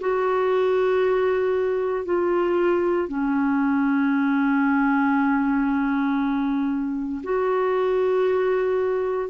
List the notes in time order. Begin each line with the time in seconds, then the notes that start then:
0.00 F#4
2.05 F4
3.08 C#4
7.24 F#4